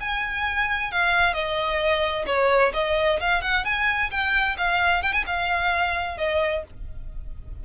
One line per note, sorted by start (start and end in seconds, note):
0.00 0.92 G#5
0.92 1.34 F5
1.34 2.25 D#5
2.27 2.73 C#5
2.74 3.20 D#5
3.20 3.42 F5
3.42 3.65 F#5
3.65 4.11 G#5
4.11 4.57 G5
4.58 5.03 F5
5.03 5.13 G5
5.13 5.24 G#5
5.27 6.18 F5
6.18 6.64 D#5